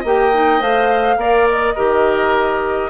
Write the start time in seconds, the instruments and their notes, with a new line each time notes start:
0.00 bassoon A#3, clarinet G4, oboe D#5
0.07 flute G5
0.33 clarinet D#4
0.59 bassoon A3, clarinet C5, flute F5
1.16 bassoon A#3, clarinet A#4, oboe D5
1.50 flute D#5
1.75 bassoon D#3, clarinet G4, oboe A#4